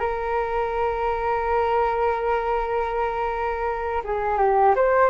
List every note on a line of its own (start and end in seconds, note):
0.00 4.02 A#4
4.04 4.38 G#4
4.38 4.75 G4
4.76 5.11 C5